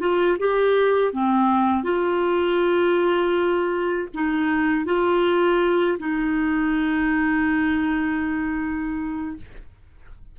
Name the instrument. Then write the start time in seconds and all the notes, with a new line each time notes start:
clarinet
0.00 F4
0.39 G4
1.13 C4
1.83 F4
4.15 D#4
4.85 F4
5.99 D#4